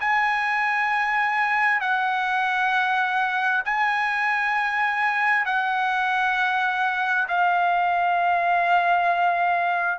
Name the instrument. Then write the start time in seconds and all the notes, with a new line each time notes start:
trumpet
0.00 G#5
1.81 F#5
3.65 G#5
5.45 F#5
7.28 F5